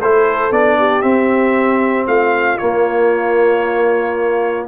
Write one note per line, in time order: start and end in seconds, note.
0.00 0.50 A3
0.00 0.51 E4
0.00 0.78 A4
0.00 0.52 C5
0.50 1.02 B3
0.50 1.02 D4
0.50 1.01 D5
0.78 2.07 G4
1.01 2.58 C4
1.01 2.07 C4
1.01 2.06 E5
2.07 2.59 A3
2.07 4.67 F4
2.07 2.57 F5
2.57 4.67 A#3
2.57 4.66 C#5